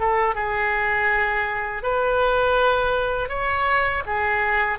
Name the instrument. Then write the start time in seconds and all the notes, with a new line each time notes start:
oboe
0.00 A4
0.35 G#4
1.83 B4
3.29 C#5
4.06 G#4